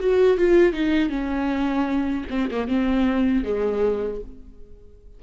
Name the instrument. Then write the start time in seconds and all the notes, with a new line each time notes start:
viola
0.00 F#4
0.37 F4
0.73 D#4
1.09 C#4
2.30 C4
2.51 A#3
2.68 C4
3.44 G#3